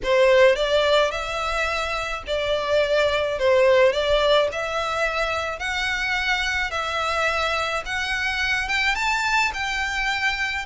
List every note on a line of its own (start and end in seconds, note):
0.03 0.55 C5
0.55 1.11 D5
1.11 2.23 E5
2.26 3.38 D5
3.38 3.92 C5
3.92 4.48 D5
4.52 5.59 E5
5.59 6.71 F#5
6.71 7.83 E5
7.85 8.68 F#5
8.68 8.95 G5
8.95 9.51 A5
9.53 10.65 G5